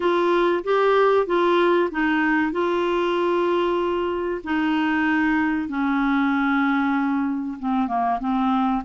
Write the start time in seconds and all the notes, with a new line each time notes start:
0.00 F4
0.64 G4
1.26 F4
1.91 D#4
2.52 F4
4.44 D#4
5.68 C#4
7.59 C4
7.87 A#3
8.19 C4